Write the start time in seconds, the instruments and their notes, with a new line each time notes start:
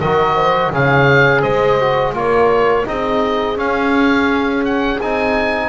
0.00 double bass D#3, trombone F#4, horn A#4, oboe D#5
0.36 horn C5
0.72 double bass C#3, trombone G#4, horn C#5, oboe F5
1.42 double bass G#3, horn C5, oboe D#5
1.81 trombone F#4
2.14 double bass A#3, trombone F4, horn A#4, oboe C#5
2.85 double bass C4, trombone D#4, horn G#4, oboe D#5
3.56 trombone C#4, double bass C#4, oboe F5
4.65 oboe F#5
5.01 double bass C4, trombone D#4, oboe G#5